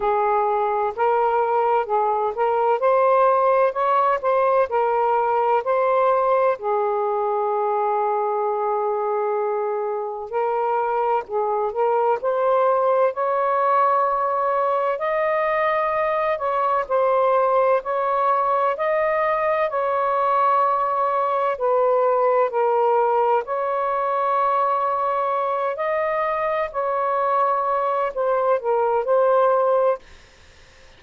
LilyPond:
\new Staff \with { instrumentName = "saxophone" } { \time 4/4 \tempo 4 = 64 gis'4 ais'4 gis'8 ais'8 c''4 | cis''8 c''8 ais'4 c''4 gis'4~ | gis'2. ais'4 | gis'8 ais'8 c''4 cis''2 |
dis''4. cis''8 c''4 cis''4 | dis''4 cis''2 b'4 | ais'4 cis''2~ cis''8 dis''8~ | dis''8 cis''4. c''8 ais'8 c''4 | }